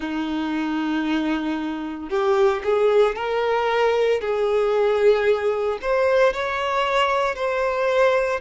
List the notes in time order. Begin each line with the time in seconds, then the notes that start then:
0.00 D#4
2.09 G4
2.64 G#4
3.15 A#4
4.21 G#4
5.81 C5
6.33 C#5
7.35 C5